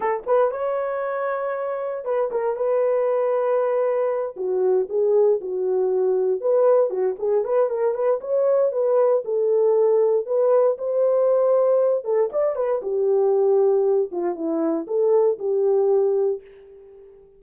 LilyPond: \new Staff \with { instrumentName = "horn" } { \time 4/4 \tempo 4 = 117 a'8 b'8 cis''2. | b'8 ais'8 b'2.~ | b'8 fis'4 gis'4 fis'4.~ | fis'8 b'4 fis'8 gis'8 b'8 ais'8 b'8 |
cis''4 b'4 a'2 | b'4 c''2~ c''8 a'8 | d''8 b'8 g'2~ g'8 f'8 | e'4 a'4 g'2 | }